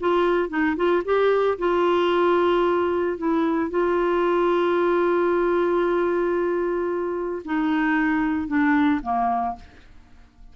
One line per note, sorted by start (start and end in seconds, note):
0.00 0.49 F4
0.49 0.76 D#4
0.76 1.03 F4
1.05 1.58 G4
1.58 3.17 F4
3.17 3.70 E4
3.70 7.42 F4
7.45 8.48 D#4
8.48 9.01 D4
9.02 9.56 A#3